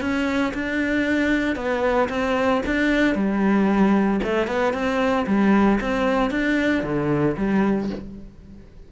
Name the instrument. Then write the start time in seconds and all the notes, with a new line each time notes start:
cello
0.00 C#4
0.53 D4
1.56 B3
2.09 C4
2.66 D4
3.14 G3
4.23 A3
4.47 B3
4.73 C4
5.26 G3
5.80 C4
6.30 D4
6.83 D3
7.37 G3